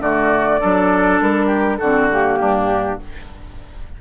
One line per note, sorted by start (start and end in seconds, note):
0.00 0.59 D3
0.00 0.60 A3
0.00 0.60 F#4
0.00 1.20 D5
0.60 1.21 F#3
0.60 1.80 D4
0.60 1.46 A4
1.21 1.80 G3
1.21 1.77 A#4
1.46 1.76 G4
1.77 2.39 D3
1.77 2.10 C4
1.77 2.39 F#4
1.77 2.06 A4
2.10 3.00 A#3
2.10 3.01 G4
2.39 2.99 G2
2.39 2.99 D4